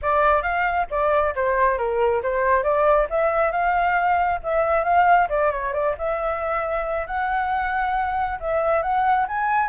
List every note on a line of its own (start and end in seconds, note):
0.02 0.42 D5
0.42 0.86 F5
0.90 1.34 D5
1.35 1.78 C5
1.78 2.22 A#4
2.22 2.63 C5
2.63 3.07 D5
3.10 3.51 E5
3.51 4.40 F5
4.43 4.83 E5
4.83 5.28 F5
5.29 5.51 D5
5.51 5.73 C#5
5.73 5.95 D5
5.98 7.06 E5
7.06 8.39 F#5
8.40 8.82 E5
8.82 9.26 F#5
9.28 9.68 G#5